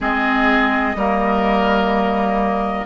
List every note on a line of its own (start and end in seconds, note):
0.00 0.95 G#3
0.00 0.96 C4
0.00 0.96 G#4
0.00 2.85 D#5
0.95 2.85 G3
0.95 2.85 A#3
0.95 2.85 A#4